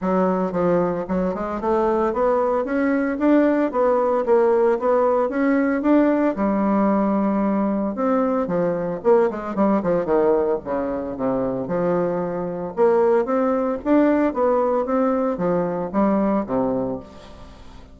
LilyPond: \new Staff \with { instrumentName = "bassoon" } { \time 4/4 \tempo 4 = 113 fis4 f4 fis8 gis8 a4 | b4 cis'4 d'4 b4 | ais4 b4 cis'4 d'4 | g2. c'4 |
f4 ais8 gis8 g8 f8 dis4 | cis4 c4 f2 | ais4 c'4 d'4 b4 | c'4 f4 g4 c4 | }